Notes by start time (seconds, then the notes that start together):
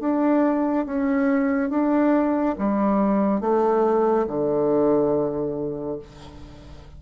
0.00 D4
0.86 C#4
1.70 D4
2.58 G3
3.41 A3
4.28 D3